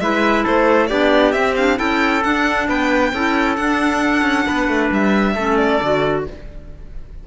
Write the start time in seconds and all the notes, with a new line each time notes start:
0.00 G#3 E4 B4 E5
0.43 A3 A4 C5
0.87 B3 D4 G4 D5
1.32 C4 E5
1.55 D4 F5
1.76 C#4 E4 A4 G5
2.23 D4 F#5
2.68 B3 B4 G5
3.13 C#4 E4 A4
3.55 D4 F#5
4.21 C#4
4.46 B3 B4
4.68 A3
4.91 G3 E5
5.34 A3 C#4 A4
5.56 D5
5.82 D3 F#4